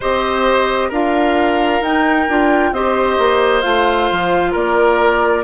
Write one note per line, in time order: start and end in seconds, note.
0.00 0.90 C4
0.00 0.92 G4
0.00 0.88 C5
0.00 0.92 D#5
0.88 1.81 D4
0.88 1.83 F4
0.88 2.70 A#4
0.88 1.83 F5
1.81 2.26 D#4
1.81 2.29 D#4
1.81 2.73 G5
2.28 2.71 D4
2.28 2.74 F4
2.71 3.17 C4
2.71 3.62 G4
2.71 4.51 C5
2.71 3.61 D#5
3.18 3.63 A#3
3.61 4.10 A3
3.61 5.44 F4
3.61 4.52 F5
4.11 4.54 F3
4.51 5.44 A#3
4.51 5.42 A#4
4.51 5.44 D5